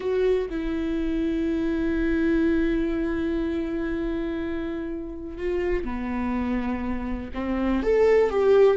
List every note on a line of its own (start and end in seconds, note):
0.00 0.49 F#4
0.50 5.37 E4
5.37 5.84 F4
5.84 7.30 B3
7.34 7.82 C4
7.82 8.29 A4
8.29 8.77 G4